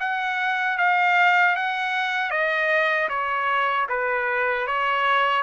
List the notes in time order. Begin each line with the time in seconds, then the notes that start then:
0.00 F#5
0.78 F5
1.56 F#5
2.31 D#5
3.09 C#5
3.89 B4
4.68 C#5